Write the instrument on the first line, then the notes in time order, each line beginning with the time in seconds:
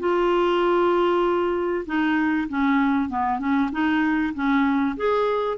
clarinet
0.00 F4
1.86 D#4
2.49 C#4
3.09 B3
3.39 C#4
3.72 D#4
4.34 C#4
4.97 G#4